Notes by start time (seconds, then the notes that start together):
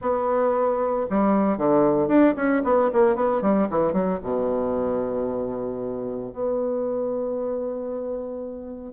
0.01 B3
1.10 G3
1.57 D3
2.08 D4
2.36 C#4
2.64 B3
2.92 A#3
3.15 B3
3.41 G3
3.70 E3
3.92 F#3
4.23 B2
6.32 B3